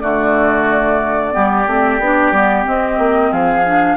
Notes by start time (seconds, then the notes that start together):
0.00 D3 A3 F#4 D5
1.32 G3 B3 G4
1.67 A3 C4
1.99 B3 D4
2.32 G3 B3
2.65 C4 D#5
2.98 A#3
3.31 F3 G#4 F5
3.66 D4